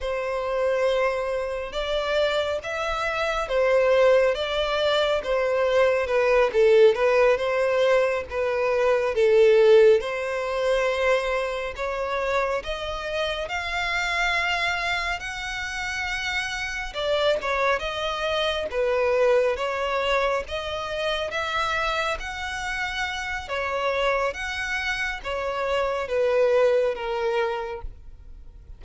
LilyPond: \new Staff \with { instrumentName = "violin" } { \time 4/4 \tempo 4 = 69 c''2 d''4 e''4 | c''4 d''4 c''4 b'8 a'8 | b'8 c''4 b'4 a'4 c''8~ | c''4. cis''4 dis''4 f''8~ |
f''4. fis''2 d''8 | cis''8 dis''4 b'4 cis''4 dis''8~ | dis''8 e''4 fis''4. cis''4 | fis''4 cis''4 b'4 ais'4 | }